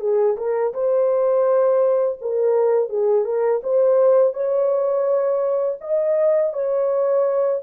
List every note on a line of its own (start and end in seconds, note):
0.00 0.36 G#4
0.37 0.73 A#4
0.74 2.19 C5
2.21 2.89 A#4
2.89 3.25 G#4
3.25 3.61 A#4
3.63 4.34 C5
4.34 5.78 C#5
5.81 6.53 D#5
6.54 7.62 C#5